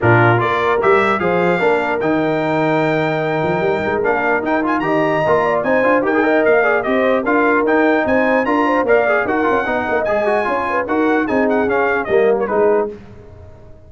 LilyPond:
<<
  \new Staff \with { instrumentName = "trumpet" } { \time 4/4 \tempo 4 = 149 ais'4 d''4 e''4 f''4~ | f''4 g''2.~ | g''2 f''4 g''8 gis''8 | ais''2 gis''4 g''4 |
f''4 dis''4 f''4 g''4 | gis''4 ais''4 f''4 fis''4~ | fis''4 gis''2 fis''4 | gis''8 fis''8 f''4 dis''8. cis''16 b'4 | }
  \new Staff \with { instrumentName = "horn" } { \time 4/4 f'4 ais'2 c''4 | ais'1~ | ais'1 | dis''4. d''8 c''4 ais'8 dis''8~ |
dis''8 d''8 c''4 ais'2 | c''4 ais'8 c''8 d''4 ais'4 | dis''2 cis''8 b'8 ais'4 | gis'2 ais'4 gis'4 | }
  \new Staff \with { instrumentName = "trombone" } { \time 4/4 d'4 f'4 g'4 gis'4 | d'4 dis'2.~ | dis'2 d'4 dis'8 f'8 | g'4 f'4 dis'8 f'8 g'16 gis'16 ais'8~ |
ais'8 gis'8 g'4 f'4 dis'4~ | dis'4 f'4 ais'8 gis'8 fis'8 f'8 | dis'4 gis'8 fis'8 f'4 fis'4 | dis'4 cis'4 ais4 dis'4 | }
  \new Staff \with { instrumentName = "tuba" } { \time 4/4 ais,4 ais4 g4 f4 | ais4 dis2.~ | dis8 f8 g8 gis8 ais4 dis'4 | dis4 ais4 c'8 d'8 dis'4 |
ais4 c'4 d'4 dis'4 | c'4 d'4 ais4 dis'8 cis'8 | b8 ais8 gis4 cis'4 dis'4 | c'4 cis'4 g4 gis4 | }
>>